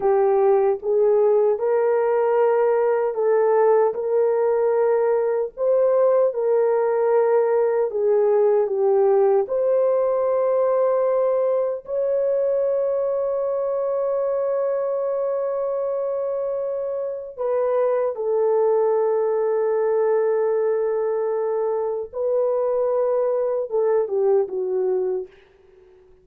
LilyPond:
\new Staff \with { instrumentName = "horn" } { \time 4/4 \tempo 4 = 76 g'4 gis'4 ais'2 | a'4 ais'2 c''4 | ais'2 gis'4 g'4 | c''2. cis''4~ |
cis''1~ | cis''2 b'4 a'4~ | a'1 | b'2 a'8 g'8 fis'4 | }